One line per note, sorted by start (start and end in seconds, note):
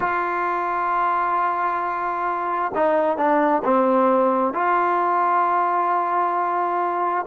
0.00 2.71 F4
2.74 3.17 D#4
3.17 3.62 D4
3.64 4.53 C4
4.53 7.26 F4